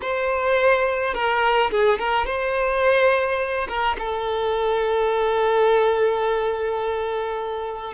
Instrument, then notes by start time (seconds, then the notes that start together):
violin
0.01 C5
1.13 A#4
1.70 G#4
1.98 A#4
2.26 C5
3.68 A#4
3.99 A4